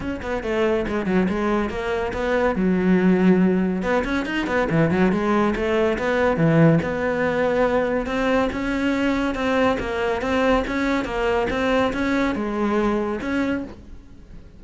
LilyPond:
\new Staff \with { instrumentName = "cello" } { \time 4/4 \tempo 4 = 141 cis'8 b8 a4 gis8 fis8 gis4 | ais4 b4 fis2~ | fis4 b8 cis'8 dis'8 b8 e8 fis8 | gis4 a4 b4 e4 |
b2. c'4 | cis'2 c'4 ais4 | c'4 cis'4 ais4 c'4 | cis'4 gis2 cis'4 | }